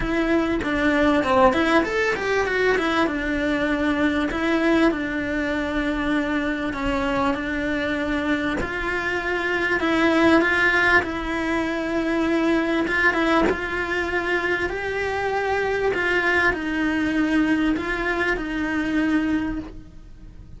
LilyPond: \new Staff \with { instrumentName = "cello" } { \time 4/4 \tempo 4 = 98 e'4 d'4 c'8 e'8 a'8 g'8 | fis'8 e'8 d'2 e'4 | d'2. cis'4 | d'2 f'2 |
e'4 f'4 e'2~ | e'4 f'8 e'8 f'2 | g'2 f'4 dis'4~ | dis'4 f'4 dis'2 | }